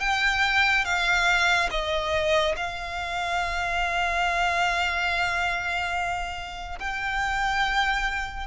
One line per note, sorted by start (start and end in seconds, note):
0.00 0.85 G5
0.85 1.69 F5
1.71 2.55 D#5
2.56 6.79 F5
6.79 8.47 G5